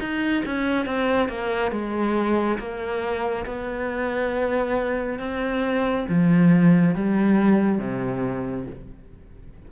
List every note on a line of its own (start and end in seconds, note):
0.00 0.43 D#4
0.46 0.86 C#4
0.86 1.29 C4
1.29 1.72 A#3
1.72 2.58 G#3
2.59 3.46 A#3
3.46 5.19 B3
5.19 6.06 C4
6.09 6.95 F3
6.95 7.79 G3
7.79 8.66 C3